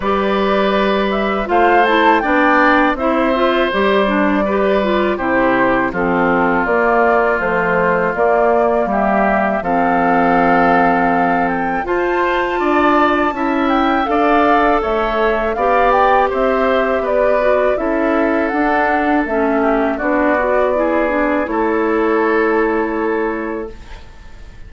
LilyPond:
<<
  \new Staff \with { instrumentName = "flute" } { \time 4/4 \tempo 4 = 81 d''4. e''8 f''8 a''8 g''4 | e''4 d''2 c''4 | a'4 d''4 c''4 d''4 | e''4 f''2~ f''8 g''8 |
a''2~ a''8 g''8 f''4 | e''4 f''8 g''8 e''4 d''4 | e''4 fis''4 e''4 d''4~ | d''4 cis''2. | }
  \new Staff \with { instrumentName = "oboe" } { \time 4/4 b'2 c''4 d''4 | c''2 b'4 g'4 | f'1 | g'4 a'2. |
c''4 d''4 e''4 d''4 | cis''4 d''4 c''4 b'4 | a'2~ a'8 g'8 fis'4 | gis'4 a'2. | }
  \new Staff \with { instrumentName = "clarinet" } { \time 4/4 g'2 f'8 e'8 d'4 | e'8 f'8 g'8 d'8 g'8 f'8 e'4 | c'4 ais4 f4 ais4~ | ais4 c'2. |
f'2 e'4 a'4~ | a'4 g'2~ g'8 fis'8 | e'4 d'4 cis'4 d'8 fis'8 | e'8 d'8 e'2. | }
  \new Staff \with { instrumentName = "bassoon" } { \time 4/4 g2 a4 b4 | c'4 g2 c4 | f4 ais4 a4 ais4 | g4 f2. |
f'4 d'4 cis'4 d'4 | a4 b4 c'4 b4 | cis'4 d'4 a4 b4~ | b4 a2. | }
>>